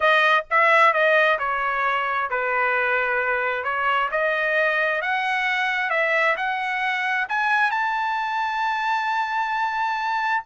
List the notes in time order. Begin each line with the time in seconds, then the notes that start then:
0.00 D#5
0.50 E5
0.93 D#5
1.39 C#5
2.30 B4
3.64 C#5
4.11 D#5
5.01 F#5
5.90 E5
6.36 F#5
7.28 G#5
7.70 A5